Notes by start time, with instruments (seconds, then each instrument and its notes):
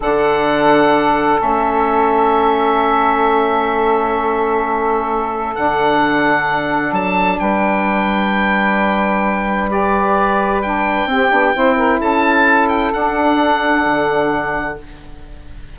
0.00 bassoon D3, saxophone D4 A4, oboe F#5
1.37 bassoon A3, saxophone C#4, oboe E5
5.55 bassoon D3, saxophone D4, oboe F#5
6.91 bassoon F#3, oboe A5
7.39 bassoon G3, saxophone B4, oboe G5
9.70 saxophone G4, oboe D5
10.61 saxophone D4, oboe G5
11.05 bassoon C4, saxophone C4 G4
11.30 bassoon B3, saxophone D4
11.53 bassoon C4, saxophone E4 C5
11.76 saxophone A#4
11.99 bassoon C#4, saxophone A4, oboe A5
12.69 oboe G5
12.93 saxophone D4, bassoon D4, oboe F#5
13.85 bassoon D3